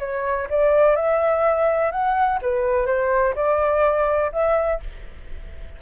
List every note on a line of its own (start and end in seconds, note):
0.00 0.48 C#5
0.50 0.96 D5
0.96 1.92 E5
1.92 2.40 F#5
2.42 2.86 B4
2.86 3.34 C5
3.36 4.32 D5
4.32 4.80 E5